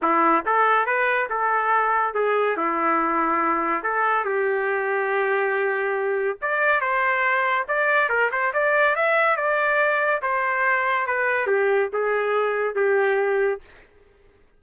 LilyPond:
\new Staff \with { instrumentName = "trumpet" } { \time 4/4 \tempo 4 = 141 e'4 a'4 b'4 a'4~ | a'4 gis'4 e'2~ | e'4 a'4 g'2~ | g'2. d''4 |
c''2 d''4 ais'8 c''8 | d''4 e''4 d''2 | c''2 b'4 g'4 | gis'2 g'2 | }